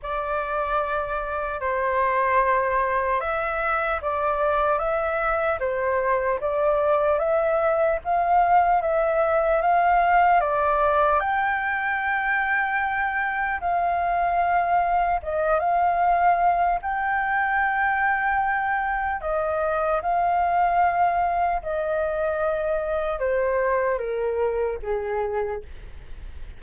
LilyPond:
\new Staff \with { instrumentName = "flute" } { \time 4/4 \tempo 4 = 75 d''2 c''2 | e''4 d''4 e''4 c''4 | d''4 e''4 f''4 e''4 | f''4 d''4 g''2~ |
g''4 f''2 dis''8 f''8~ | f''4 g''2. | dis''4 f''2 dis''4~ | dis''4 c''4 ais'4 gis'4 | }